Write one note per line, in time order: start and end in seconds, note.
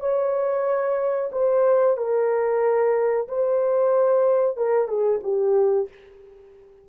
0.00 1.30 C#5
1.32 1.97 C5
1.97 3.28 A#4
3.28 4.57 C5
4.57 4.88 A#4
4.88 5.21 G#4
5.23 5.88 G4